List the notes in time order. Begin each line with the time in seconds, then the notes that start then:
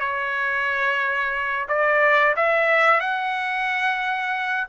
0.00 C#5
1.68 D5
2.36 E5
3.00 F#5